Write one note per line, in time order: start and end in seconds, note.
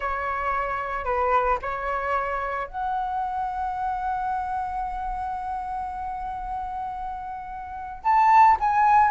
0.00 1.04 C#5
1.04 1.58 B4
1.61 2.67 C#5
2.67 8.03 F#5
8.03 8.57 A5
8.60 9.11 G#5